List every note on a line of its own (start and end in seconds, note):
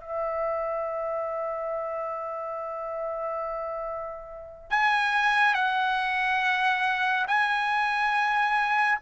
0.00 4.70 E5
4.70 5.54 G#5
5.54 7.25 F#5
7.27 8.98 G#5